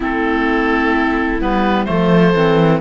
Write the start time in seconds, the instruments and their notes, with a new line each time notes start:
0.00 cello A3, clarinet C4, viola E4, oboe A4
1.40 cello G3, clarinet B3, oboe B4
1.85 cello F3, clarinet A3, viola A4, oboe C5
2.34 cello E3, clarinet C4